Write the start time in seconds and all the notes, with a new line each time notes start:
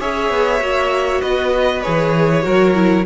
0.00 C#4 G#4 C#5 E5
0.30 B3
0.60 A#3 F#4
1.22 B3 B4 D#5
1.83 E3 G#4 C#5
2.43 F#3 F#4 A#4
2.74 E4